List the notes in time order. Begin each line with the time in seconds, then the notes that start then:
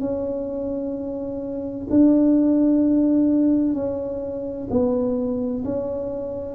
0.00 C#4
1.90 D4
3.74 C#4
4.70 B3
5.65 C#4